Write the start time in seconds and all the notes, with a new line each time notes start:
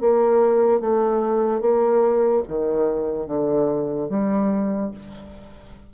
0.00 A#3
0.80 A3
1.60 A#3
2.47 D#3
3.27 D3
4.09 G3